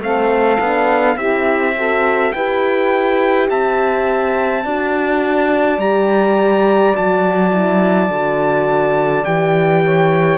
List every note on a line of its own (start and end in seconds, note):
0.00 0.58 A3
0.00 0.60 C4
0.00 1.16 A4
0.00 1.17 F5
0.60 1.16 B3
0.60 1.18 D4
1.16 2.32 C4
1.16 1.75 E4
1.16 1.74 G4
1.16 2.33 E5
1.76 2.35 F#4
1.76 2.34 A4
2.33 3.50 E4
2.33 4.66 G4
2.33 3.49 B4
2.33 3.48 G5
3.49 4.65 C4
3.49 4.64 E5
3.49 5.80 A5
4.64 5.78 D4
4.64 5.80 F#4
4.64 9.83 D5
5.78 6.93 G3
5.78 6.94 G4
5.78 6.95 A#5
6.94 8.09 F#3
6.94 7.52 F#4
6.94 9.25 A5
7.52 8.10 E4
8.09 9.25 D3
8.09 9.26 F#4
9.25 10.38 E3
9.25 10.38 G4
9.25 10.38 G5
9.83 10.38 C#5